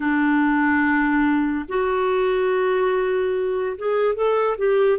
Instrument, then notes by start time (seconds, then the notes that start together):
clarinet
0.00 D4
1.68 F#4
3.77 G#4
4.14 A4
4.57 G4